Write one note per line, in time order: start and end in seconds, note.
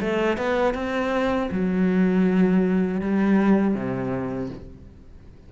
0.00 0.37 A3
0.37 0.74 B3
0.74 1.49 C4
1.51 3.01 F#3
3.01 3.74 G3
3.74 4.49 C3